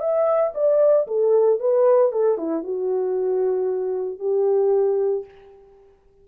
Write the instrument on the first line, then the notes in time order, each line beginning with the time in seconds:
horn
0.00 E5
0.54 D5
1.07 A4
1.60 B4
2.12 A4
2.38 E4
2.63 F#4
4.19 G4